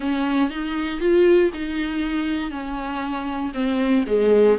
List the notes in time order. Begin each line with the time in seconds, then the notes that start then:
0.00 C#4
0.49 D#4
1.00 F4
1.53 D#4
2.50 C#4
3.53 C4
4.06 G#3